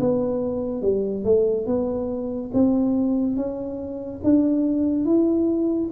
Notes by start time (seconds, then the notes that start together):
0.00 B3
0.82 G3
1.24 A3
1.66 B3
2.54 C4
3.36 C#4
4.23 D4
5.06 E4